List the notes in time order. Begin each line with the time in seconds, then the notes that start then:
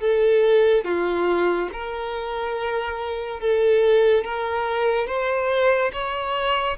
0.00 A4
0.85 F4
1.72 A#4
3.40 A4
4.24 A#4
5.07 C5
5.92 C#5